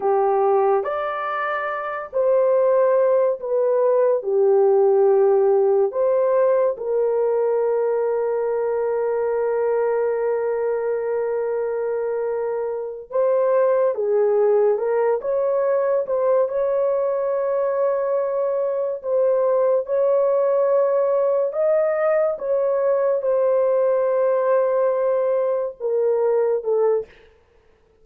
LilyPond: \new Staff \with { instrumentName = "horn" } { \time 4/4 \tempo 4 = 71 g'4 d''4. c''4. | b'4 g'2 c''4 | ais'1~ | ais'2.~ ais'8 c''8~ |
c''8 gis'4 ais'8 cis''4 c''8 cis''8~ | cis''2~ cis''8 c''4 cis''8~ | cis''4. dis''4 cis''4 c''8~ | c''2~ c''8 ais'4 a'8 | }